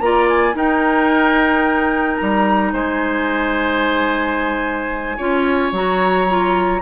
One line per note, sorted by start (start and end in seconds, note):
0.00 0.54 A#3
0.00 0.54 F4
0.00 0.56 D5
0.00 0.27 A#5
0.29 0.56 G#5
0.54 5.18 D#4
0.54 2.18 D#4
0.54 2.73 A#4
0.54 2.17 G5
2.17 2.73 G3
2.17 2.71 A#5
2.73 5.18 G#3
2.73 5.17 C5
2.73 5.74 G#5
5.17 5.72 C#4
5.17 5.74 F4
5.17 6.81 C#5
5.72 6.81 F#3
5.72 6.28 F#4
5.72 6.82 A#5
6.29 6.82 F4